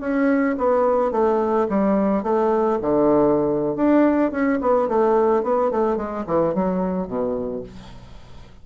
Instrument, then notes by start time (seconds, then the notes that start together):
bassoon
0.00 C#4
0.58 B3
1.11 A3
1.69 G3
2.23 A3
2.81 D3
3.76 D4
4.31 C#4
4.61 B3
4.88 A3
5.43 B3
5.71 A3
5.97 G#3
6.27 E3
6.54 F#3
7.07 B2